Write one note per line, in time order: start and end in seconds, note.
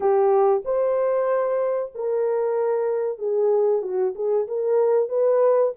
0.00 0.62 G4
0.64 1.92 C5
1.94 3.18 A#4
3.18 3.82 G#4
3.82 4.14 F#4
4.15 4.47 G#4
4.47 5.08 A#4
5.08 5.72 B4